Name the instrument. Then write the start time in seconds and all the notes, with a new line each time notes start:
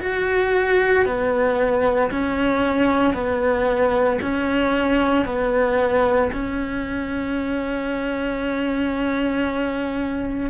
cello
0.00 F#4
1.05 B3
2.11 C#4
3.13 B3
4.22 C#4
5.25 B3
6.33 C#4